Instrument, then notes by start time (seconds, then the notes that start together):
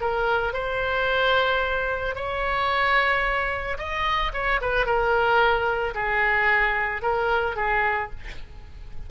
oboe
0.00 A#4
0.53 C5
2.15 C#5
3.77 D#5
4.33 C#5
4.61 B4
4.86 A#4
5.94 G#4
7.02 A#4
7.56 G#4